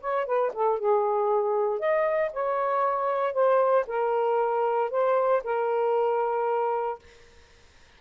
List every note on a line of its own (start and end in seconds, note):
0.00 0.26 C#5
0.26 0.51 B4
0.53 0.79 A4
0.79 1.79 G#4
1.79 2.31 D#5
2.33 3.33 C#5
3.33 3.85 C5
3.87 4.90 A#4
4.90 5.42 C5
5.43 6.99 A#4